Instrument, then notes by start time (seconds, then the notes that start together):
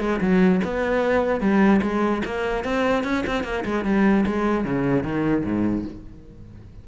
cello
0.00 G#3
0.21 F#3
0.64 B3
1.41 G3
1.82 G#3
2.25 A#3
2.64 C4
3.04 C#4
3.27 C4
3.44 A#3
3.65 G#3
3.85 G3
4.26 G#3
4.65 C#3
5.04 D#3
5.45 G#2